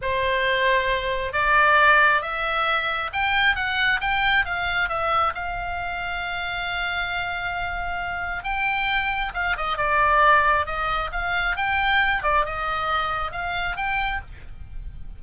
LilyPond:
\new Staff \with { instrumentName = "oboe" } { \time 4/4 \tempo 4 = 135 c''2. d''4~ | d''4 e''2 g''4 | fis''4 g''4 f''4 e''4 | f''1~ |
f''2. g''4~ | g''4 f''8 dis''8 d''2 | dis''4 f''4 g''4. d''8 | dis''2 f''4 g''4 | }